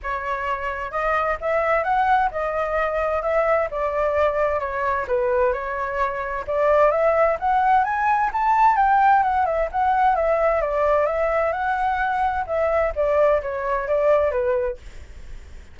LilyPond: \new Staff \with { instrumentName = "flute" } { \time 4/4 \tempo 4 = 130 cis''2 dis''4 e''4 | fis''4 dis''2 e''4 | d''2 cis''4 b'4 | cis''2 d''4 e''4 |
fis''4 gis''4 a''4 g''4 | fis''8 e''8 fis''4 e''4 d''4 | e''4 fis''2 e''4 | d''4 cis''4 d''4 b'4 | }